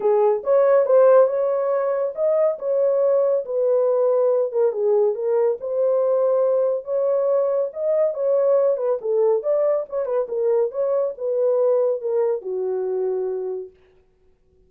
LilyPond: \new Staff \with { instrumentName = "horn" } { \time 4/4 \tempo 4 = 140 gis'4 cis''4 c''4 cis''4~ | cis''4 dis''4 cis''2 | b'2~ b'8 ais'8 gis'4 | ais'4 c''2. |
cis''2 dis''4 cis''4~ | cis''8 b'8 a'4 d''4 cis''8 b'8 | ais'4 cis''4 b'2 | ais'4 fis'2. | }